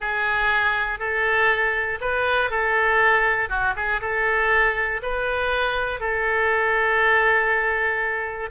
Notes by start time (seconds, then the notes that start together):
0.00 G#4
0.99 A4
2.00 B4
2.50 A4
3.49 F#4
3.75 G#4
4.01 A4
5.02 B4
6.00 A4